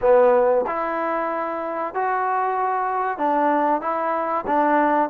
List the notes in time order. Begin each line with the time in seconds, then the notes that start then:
0.01 B3
0.66 E4
1.94 F#4
3.18 D4
3.81 E4
4.47 D4